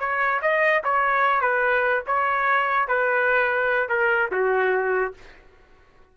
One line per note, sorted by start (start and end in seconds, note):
0.00 0.41 C#5
0.42 0.83 D#5
0.84 1.42 C#5
1.42 2.03 B4
2.07 2.88 C#5
2.88 3.90 B4
3.90 4.31 A#4
4.32 5.14 F#4